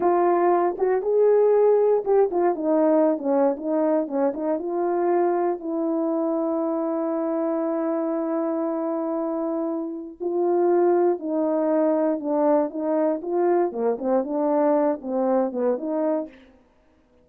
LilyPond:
\new Staff \with { instrumentName = "horn" } { \time 4/4 \tempo 4 = 118 f'4. fis'8 gis'2 | g'8 f'8 dis'4~ dis'16 cis'8. dis'4 | cis'8 dis'8 f'2 e'4~ | e'1~ |
e'1 | f'2 dis'2 | d'4 dis'4 f'4 ais8 c'8 | d'4. c'4 b8 dis'4 | }